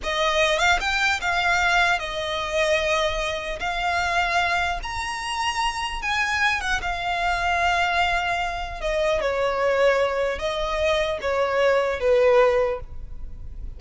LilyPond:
\new Staff \with { instrumentName = "violin" } { \time 4/4 \tempo 4 = 150 dis''4. f''8 g''4 f''4~ | f''4 dis''2.~ | dis''4 f''2. | ais''2. gis''4~ |
gis''8 fis''8 f''2.~ | f''2 dis''4 cis''4~ | cis''2 dis''2 | cis''2 b'2 | }